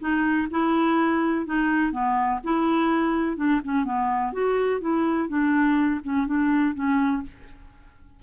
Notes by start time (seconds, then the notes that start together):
0.00 D#4
0.51 E4
1.46 D#4
1.92 B3
2.44 E4
3.36 D4
3.64 C#4
3.85 B3
4.32 F#4
4.81 E4
5.29 D4
6.04 C#4
6.27 D4
6.75 C#4